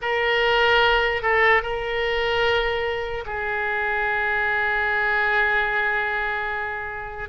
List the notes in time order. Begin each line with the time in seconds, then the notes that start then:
0.01 A#4
1.22 A4
1.62 A#4
3.25 G#4